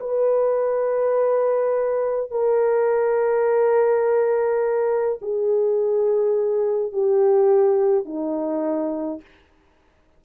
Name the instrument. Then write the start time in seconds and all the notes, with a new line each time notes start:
horn
0.00 B4
2.31 A#4
5.22 G#4
6.93 G4
8.06 D#4